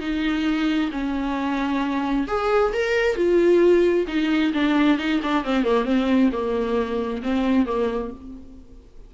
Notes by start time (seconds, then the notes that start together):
0.00 D#4
0.91 C#4
2.27 G#4
2.73 A#4
3.16 F4
4.07 D#4
4.53 D4
4.98 D#4
5.22 D4
5.44 C4
5.64 A#3
5.85 C4
6.32 A#3
7.22 C4
7.65 A#3